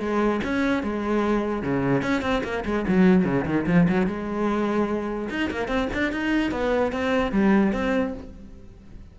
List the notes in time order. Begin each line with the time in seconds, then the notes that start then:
0.00 G#3
0.44 C#4
0.83 G#3
1.63 C#3
2.02 C#4
2.22 C4
2.44 A#3
2.65 G#3
2.88 F#3
3.25 C#3
3.46 D#3
3.67 F3
3.89 F#3
4.06 G#3
5.30 D#4
5.50 A#3
5.68 C4
5.94 D4
6.12 D#4
6.52 B3
6.92 C4
7.32 G3
7.73 C4